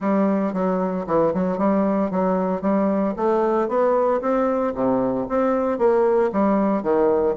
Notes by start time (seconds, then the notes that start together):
0.00 G3
0.53 F#3
1.06 E3
1.34 F#3
1.58 G3
2.10 F#3
2.61 G3
3.16 A3
3.68 B3
4.21 C4
4.74 C3
5.28 C4
5.78 A#3
6.32 G3
6.83 D#3